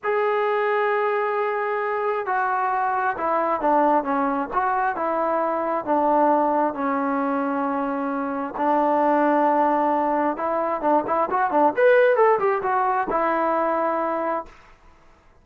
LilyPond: \new Staff \with { instrumentName = "trombone" } { \time 4/4 \tempo 4 = 133 gis'1~ | gis'4 fis'2 e'4 | d'4 cis'4 fis'4 e'4~ | e'4 d'2 cis'4~ |
cis'2. d'4~ | d'2. e'4 | d'8 e'8 fis'8 d'8 b'4 a'8 g'8 | fis'4 e'2. | }